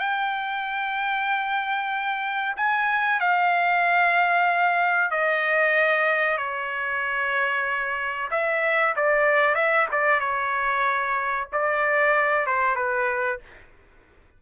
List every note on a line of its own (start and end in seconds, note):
0.00 2.55 G5
2.57 3.20 G#5
3.20 5.11 F5
5.11 6.38 D#5
6.38 8.29 C#5
8.31 8.95 E5
8.97 9.55 D5
9.55 9.87 E5
9.92 10.20 D5
10.20 11.48 C#5
11.53 12.47 D5
12.47 12.76 C5
12.76 13.40 B4